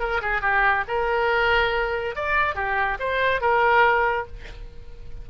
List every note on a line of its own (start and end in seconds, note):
0.00 0.21 A#4
0.22 0.42 G#4
0.42 0.85 G4
0.88 2.16 A#4
2.16 2.55 D5
2.55 2.98 G4
3.00 3.41 C5
3.41 4.27 A#4